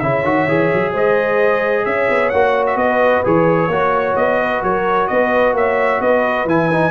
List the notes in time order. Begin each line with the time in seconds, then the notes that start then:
0.00 C#3 E4 C#5 E5
0.24 D#3 F#4
0.48 E3 G#4
0.73 F#3
0.92 G#3 C5 D#5
1.85 C#4 C#5 E5
2.09 B3
2.30 A#3 F#4 F#5
2.66 E5
2.76 B3 B4 D#5
3.24 E3 G#4 C#5
3.68 A#3 F#4 C#5
4.16 B3 D#5
4.41 B4
4.63 F#3 A#4 C#5
5.08 B3 B4 D#5
5.53 A#3 C#5 E5
6.01 B3 B4 D#5
6.45 E3 E4 G#5
6.72 D#4